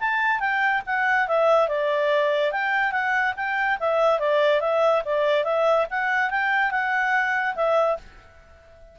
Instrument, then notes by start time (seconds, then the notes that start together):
clarinet
0.00 A5
0.40 G5
0.86 F#5
1.28 E5
1.68 D5
2.52 G5
2.92 F#5
3.36 G5
3.80 E5
4.20 D5
4.61 E5
5.05 D5
5.45 E5
5.90 F#5
6.31 G5
6.71 F#5
7.56 E5